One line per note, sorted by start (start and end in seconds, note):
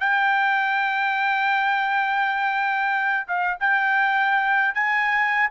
0.00 3.27 G5
3.27 3.57 F5
3.60 4.74 G5
4.74 5.48 G#5